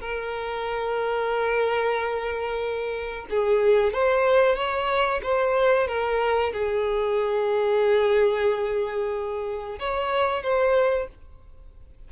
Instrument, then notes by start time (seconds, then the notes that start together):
violin
0.00 A#4
3.30 G#4
3.93 C5
4.55 C#5
5.22 C5
5.87 A#4
6.52 G#4
9.79 C#5
10.42 C5